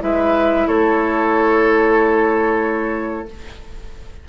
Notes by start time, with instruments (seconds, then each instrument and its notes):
0.00 bassoon G#3, clarinet E4, oboe B4, flute E5
0.67 bassoon A3, oboe A4, flute C#5